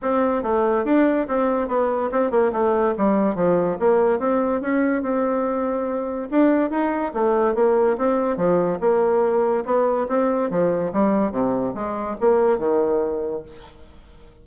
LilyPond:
\new Staff \with { instrumentName = "bassoon" } { \time 4/4 \tempo 4 = 143 c'4 a4 d'4 c'4 | b4 c'8 ais8 a4 g4 | f4 ais4 c'4 cis'4 | c'2. d'4 |
dis'4 a4 ais4 c'4 | f4 ais2 b4 | c'4 f4 g4 c4 | gis4 ais4 dis2 | }